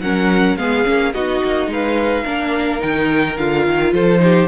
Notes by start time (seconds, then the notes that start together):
0.00 F#3 C#4 A#4 F#5
0.57 G#3 B3 G#4 F5
0.84 A#3 C#4
1.14 B3 D#4 F#4 D#5
1.44 A#3
1.67 G#3 B4 F5
2.24 A#3 D4 A#4
2.80 D#3 D#4 G5
3.37 D3 F4 F5
3.67 D#3
3.93 F3 A4 C5
4.19 D#4 G4